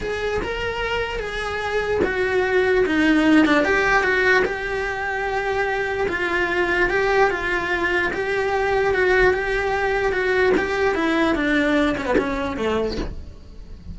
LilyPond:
\new Staff \with { instrumentName = "cello" } { \time 4/4 \tempo 4 = 148 gis'4 ais'2 gis'4~ | gis'4 fis'2 dis'4~ | dis'8 d'8 g'4 fis'4 g'4~ | g'2. f'4~ |
f'4 g'4 f'2 | g'2 fis'4 g'4~ | g'4 fis'4 g'4 e'4 | d'4. cis'16 b16 cis'4 a4 | }